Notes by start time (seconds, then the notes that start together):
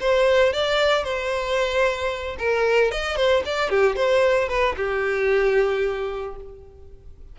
0.00 C5
0.53 D5
1.04 C5
2.38 A#4
2.91 D#5
3.16 C5
3.45 D5
3.69 G4
3.96 C5
4.48 B4
4.76 G4